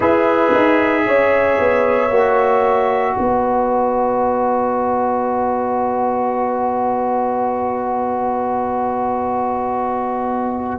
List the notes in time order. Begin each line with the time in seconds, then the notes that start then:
0.00 E4 G#4 B4 E5
0.54 D#4
1.05 C#4 C#5
1.58 B3
2.09 A#3 F#4
3.13 B3 B4 D#5